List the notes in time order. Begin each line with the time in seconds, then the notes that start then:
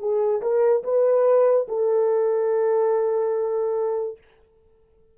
0.00 G#4
0.42 A#4
0.84 B4
1.69 A4